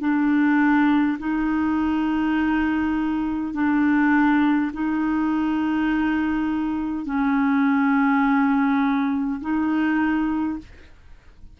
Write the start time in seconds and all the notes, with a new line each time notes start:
0.00 D4
1.19 D#4
3.53 D4
4.73 D#4
7.05 C#4
9.41 D#4